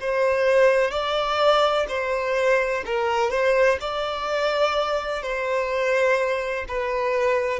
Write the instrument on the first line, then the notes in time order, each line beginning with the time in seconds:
violin
0.00 C5
0.91 D5
1.88 C5
2.86 A#4
3.30 C5
3.81 D5
5.22 C5
6.68 B4